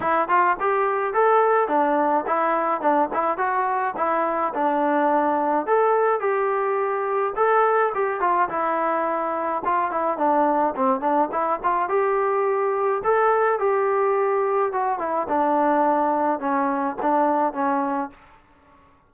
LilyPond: \new Staff \with { instrumentName = "trombone" } { \time 4/4 \tempo 4 = 106 e'8 f'8 g'4 a'4 d'4 | e'4 d'8 e'8 fis'4 e'4 | d'2 a'4 g'4~ | g'4 a'4 g'8 f'8 e'4~ |
e'4 f'8 e'8 d'4 c'8 d'8 | e'8 f'8 g'2 a'4 | g'2 fis'8 e'8 d'4~ | d'4 cis'4 d'4 cis'4 | }